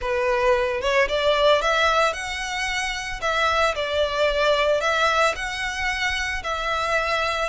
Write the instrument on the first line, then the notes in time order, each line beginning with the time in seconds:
violin
0.01 B4
0.81 C#5
1.08 D5
1.61 E5
2.13 F#5
3.21 E5
3.75 D5
4.81 E5
5.35 F#5
6.43 E5